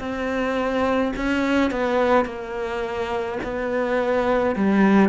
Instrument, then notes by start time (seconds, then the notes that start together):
cello
0.00 C4
1.17 C#4
1.71 B3
2.25 A#3
3.43 B3
4.56 G3